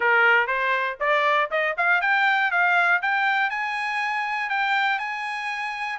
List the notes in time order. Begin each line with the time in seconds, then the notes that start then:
0.00 A#4
0.47 C5
1.00 D5
1.50 D#5
1.77 F5
2.01 G5
2.51 F5
3.02 G5
3.50 G#5
4.49 G5
4.98 G#5